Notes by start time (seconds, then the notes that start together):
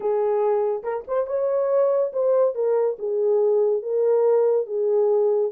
0.00 G#4
0.83 A#4
1.07 C5
1.26 C#5
2.12 C5
2.54 A#4
2.98 G#4
3.82 A#4
4.66 G#4